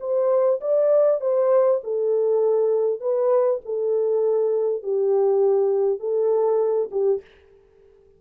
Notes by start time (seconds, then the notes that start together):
0.00 C5
0.61 D5
1.21 C5
1.83 A4
3.00 B4
3.65 A4
4.83 G4
5.99 A4
6.91 G4